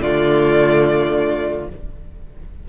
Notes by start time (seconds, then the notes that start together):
0.00 D3 A3 F4 D5